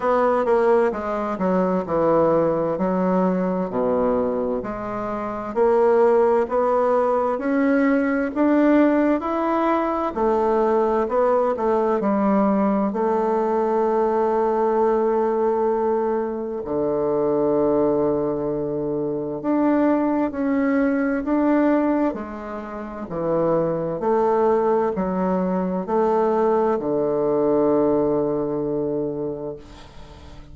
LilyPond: \new Staff \with { instrumentName = "bassoon" } { \time 4/4 \tempo 4 = 65 b8 ais8 gis8 fis8 e4 fis4 | b,4 gis4 ais4 b4 | cis'4 d'4 e'4 a4 | b8 a8 g4 a2~ |
a2 d2~ | d4 d'4 cis'4 d'4 | gis4 e4 a4 fis4 | a4 d2. | }